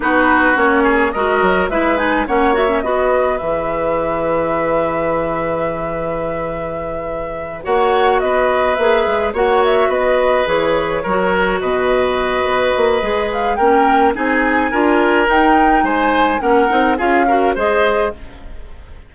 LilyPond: <<
  \new Staff \with { instrumentName = "flute" } { \time 4/4 \tempo 4 = 106 b'4 cis''4 dis''4 e''8 gis''8 | fis''8 e''8 dis''4 e''2~ | e''1~ | e''4. fis''4 dis''4 e''8~ |
e''8 fis''8 e''8 dis''4 cis''4.~ | cis''8 dis''2. f''8 | g''4 gis''2 g''4 | gis''4 fis''4 f''4 dis''4 | }
  \new Staff \with { instrumentName = "oboe" } { \time 4/4 fis'4. gis'8 ais'4 b'4 | cis''4 b'2.~ | b'1~ | b'4. cis''4 b'4.~ |
b'8 cis''4 b'2 ais'8~ | ais'8 b'2.~ b'8 | ais'4 gis'4 ais'2 | c''4 ais'4 gis'8 ais'8 c''4 | }
  \new Staff \with { instrumentName = "clarinet" } { \time 4/4 dis'4 cis'4 fis'4 e'8 dis'8 | cis'8 fis'16 cis'16 fis'4 gis'2~ | gis'1~ | gis'4. fis'2 gis'8~ |
gis'8 fis'2 gis'4 fis'8~ | fis'2. gis'4 | cis'4 dis'4 f'4 dis'4~ | dis'4 cis'8 dis'8 f'8 fis'8 gis'4 | }
  \new Staff \with { instrumentName = "bassoon" } { \time 4/4 b4 ais4 gis8 fis8 gis4 | ais4 b4 e2~ | e1~ | e4. ais4 b4 ais8 |
gis8 ais4 b4 e4 fis8~ | fis8 b,4. b8 ais8 gis4 | ais4 c'4 d'4 dis'4 | gis4 ais8 c'8 cis'4 gis4 | }
>>